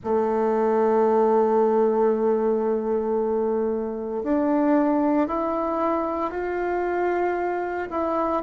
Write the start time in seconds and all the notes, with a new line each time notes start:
0.03 A3
4.23 D4
5.27 E4
6.30 F4
7.90 E4